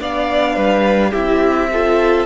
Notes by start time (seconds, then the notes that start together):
0.00 B3 D4 D5 F5
0.56 G3 B4
1.11 C4 E4 G4 E5
1.73 F4 A4